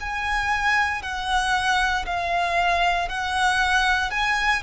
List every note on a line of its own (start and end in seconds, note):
0.00 1.02 G#5
1.02 2.05 F#5
2.05 3.08 F5
3.08 4.11 F#5
4.11 4.62 G#5